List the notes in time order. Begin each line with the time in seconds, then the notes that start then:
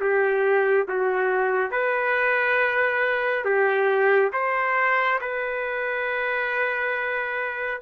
0.00 G4
0.88 F#4
1.71 B4
3.45 G4
4.33 C5
5.21 B4